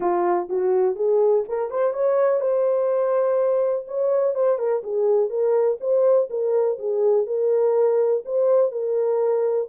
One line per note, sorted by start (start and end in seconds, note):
0.00 0.48 F4
0.49 0.95 F#4
0.95 1.44 G#4
1.48 1.70 A#4
1.70 1.93 C5
1.93 2.40 C#5
2.40 3.85 C5
3.87 4.34 C#5
4.34 4.58 C5
4.58 4.82 A#4
4.83 5.29 G#4
5.29 5.78 A#4
5.80 6.28 C5
6.30 6.78 A#4
6.79 7.26 G#4
7.26 8.23 A#4
8.25 8.71 C5
8.71 9.68 A#4